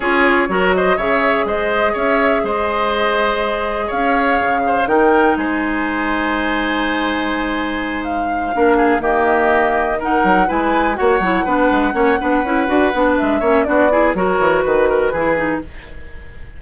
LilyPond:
<<
  \new Staff \with { instrumentName = "flute" } { \time 4/4 \tempo 4 = 123 cis''4. dis''8 e''4 dis''4 | e''4 dis''2. | f''2 g''4 gis''4~ | gis''1~ |
gis''8 f''2 dis''4.~ | dis''8 fis''4 gis''4 fis''4.~ | fis''2. e''4 | d''4 cis''4 b'2 | }
  \new Staff \with { instrumentName = "oboe" } { \time 4/4 gis'4 ais'8 c''8 cis''4 c''4 | cis''4 c''2. | cis''4. c''8 ais'4 c''4~ | c''1~ |
c''4. ais'8 gis'8 g'4.~ | g'8 ais'4 b'4 cis''4 b'8~ | b'8 cis''8 b'2~ b'8 cis''8 | fis'8 gis'8 ais'4 b'8 ais'8 gis'4 | }
  \new Staff \with { instrumentName = "clarinet" } { \time 4/4 f'4 fis'4 gis'2~ | gis'1~ | gis'2 dis'2~ | dis'1~ |
dis'4. d'4 ais4.~ | ais8 dis'4 e'4 fis'8 e'8 d'8~ | d'8 cis'8 d'8 e'8 fis'8 d'4 cis'8 | d'8 e'8 fis'2 e'8 dis'8 | }
  \new Staff \with { instrumentName = "bassoon" } { \time 4/4 cis'4 fis4 cis4 gis4 | cis'4 gis2. | cis'4 cis4 dis4 gis4~ | gis1~ |
gis4. ais4 dis4.~ | dis4 fis8 gis4 ais8 fis8 b8 | gis8 ais8 b8 cis'8 d'8 b8 gis8 ais8 | b4 fis8 e8 dis4 e4 | }
>>